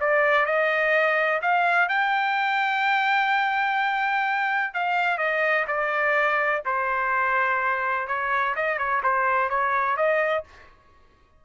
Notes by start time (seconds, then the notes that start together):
0.00 D5
0.45 D#5
1.41 F5
1.88 G5
4.73 F5
5.18 D#5
5.67 D5
6.65 C5
8.07 C#5
8.55 D#5
8.78 C#5
9.03 C5
9.49 C#5
9.96 D#5